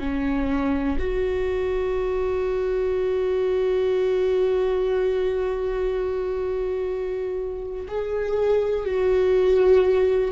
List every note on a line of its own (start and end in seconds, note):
0.00 0.98 C#4
0.99 7.87 F#4
7.88 8.85 G#4
8.85 10.32 F#4